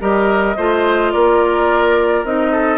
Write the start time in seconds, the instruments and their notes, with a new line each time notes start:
0.00 bassoon G3, clarinet G4, oboe A#4, flute D#5
0.57 bassoon A3, clarinet F4, oboe C5
1.12 bassoon A#3, oboe A#4, flute D5
2.24 bassoon C4, clarinet D#4, flute D#5
2.52 oboe A4